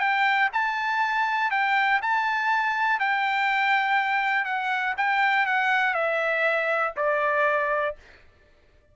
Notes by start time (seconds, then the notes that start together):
0.00 G5
0.53 A5
1.51 G5
2.03 A5
3.00 G5
4.45 F#5
4.98 G5
5.46 F#5
5.94 E5
6.97 D5